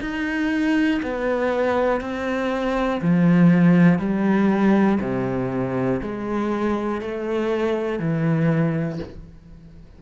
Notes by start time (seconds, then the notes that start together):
0.00 D#4
1.02 B3
2.00 C4
3.01 F3
3.98 G3
5.00 C3
6.02 G#3
7.00 A3
7.99 E3